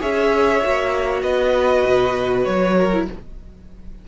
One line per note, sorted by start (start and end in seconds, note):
0.00 0.63 C#4
0.00 0.61 G#4
0.00 1.23 C#5
0.00 1.22 E5
0.62 1.22 A#3
0.62 2.92 F#4
1.22 1.84 B3
1.22 2.77 B4
1.22 2.45 D#5
1.85 2.46 B2
2.45 3.08 F#3
2.45 3.06 C#5
2.77 3.08 A#4
2.93 3.08 E4